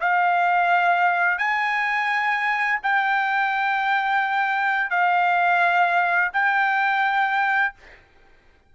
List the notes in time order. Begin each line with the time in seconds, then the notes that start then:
0.00 F5
1.38 G#5
2.83 G5
4.90 F5
6.33 G5